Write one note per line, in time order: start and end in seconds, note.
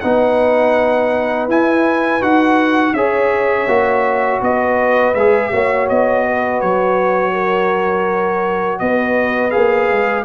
0.00 1.48 B3
0.00 1.48 D#4
0.00 2.95 B4
0.00 1.46 F#5
1.48 2.21 E4
1.48 2.22 G#5
2.21 2.93 D#4
2.21 2.94 F#4
2.21 2.94 F#5
2.93 3.66 C#4
2.93 3.68 G#4
2.93 4.42 C#5
2.93 4.40 E5
3.67 4.40 A#3
3.67 5.14 F#4
4.41 5.14 B3
4.41 5.52 B4
4.41 5.14 D#5
5.14 5.50 G#3
5.14 5.51 G#4
5.14 5.87 E5
5.51 5.89 A#3
5.51 9.51 F#4
5.51 6.25 C#5
5.89 6.62 B3
5.89 6.60 D#5
6.25 7.32 B4
6.60 8.80 F#3
6.60 8.79 C#5
7.32 8.79 A#4
8.79 9.53 B3
8.79 10.24 B4
8.79 9.50 D#5
9.50 9.90 A#3
9.50 10.24 G#4
9.50 10.23 F5
9.90 10.24 G#3